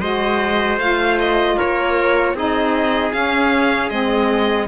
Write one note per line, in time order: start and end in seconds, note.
0.00 0.78 G#3
0.00 0.78 F#4
0.00 1.56 C5
0.00 0.78 D#5
0.78 1.56 A3
0.78 2.35 F4
0.78 1.18 F5
1.19 1.58 D#5
1.57 2.33 A#3
1.57 2.35 A#4
1.57 2.36 C#5
2.33 3.11 C4
2.33 3.13 D#4
2.33 4.68 G#4
2.33 3.12 D#5
3.12 3.90 C#4
3.12 3.89 F5
3.89 4.68 G#3
3.89 4.68 C4
3.89 4.67 D#5